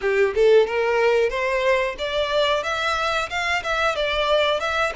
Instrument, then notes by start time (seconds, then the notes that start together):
violin
0.01 G4
0.34 A4
0.66 A#4
1.29 C5
1.98 D5
2.63 E5
3.29 F5
3.63 E5
3.95 D5
4.59 E5